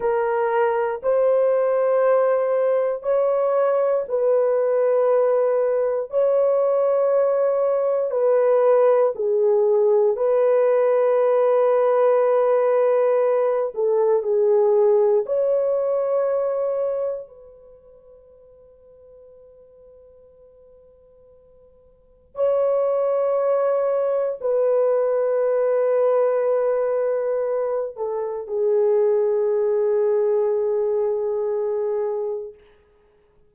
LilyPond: \new Staff \with { instrumentName = "horn" } { \time 4/4 \tempo 4 = 59 ais'4 c''2 cis''4 | b'2 cis''2 | b'4 gis'4 b'2~ | b'4. a'8 gis'4 cis''4~ |
cis''4 b'2.~ | b'2 cis''2 | b'2.~ b'8 a'8 | gis'1 | }